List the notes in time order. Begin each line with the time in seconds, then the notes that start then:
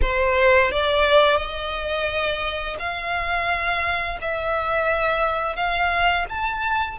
0.01 C5
0.71 D5
1.36 D#5
2.79 F5
4.21 E5
5.56 F5
6.29 A5